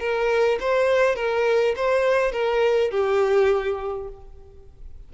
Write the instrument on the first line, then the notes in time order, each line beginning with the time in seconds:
violin
0.00 A#4
0.60 C5
1.16 A#4
1.77 C5
2.32 A#4
2.91 G4